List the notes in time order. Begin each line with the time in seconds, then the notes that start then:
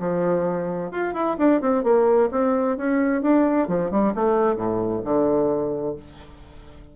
0.00 F3
0.92 F4
1.14 E4
1.38 D4
1.62 C4
1.84 A#3
2.32 C4
2.78 C#4
3.23 D4
3.68 F3
3.91 G3
4.15 A3
4.57 A2
5.05 D3